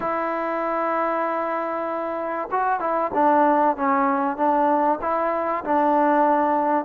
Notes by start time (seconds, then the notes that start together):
0.00 E4
2.51 F#4
2.80 E4
3.14 D4
3.76 C#4
4.36 D4
5.01 E4
5.64 D4